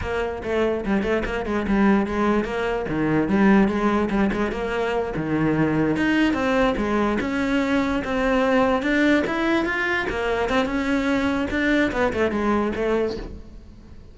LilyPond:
\new Staff \with { instrumentName = "cello" } { \time 4/4 \tempo 4 = 146 ais4 a4 g8 a8 ais8 gis8 | g4 gis4 ais4 dis4 | g4 gis4 g8 gis8 ais4~ | ais8 dis2 dis'4 c'8~ |
c'8 gis4 cis'2 c'8~ | c'4. d'4 e'4 f'8~ | f'8 ais4 c'8 cis'2 | d'4 b8 a8 gis4 a4 | }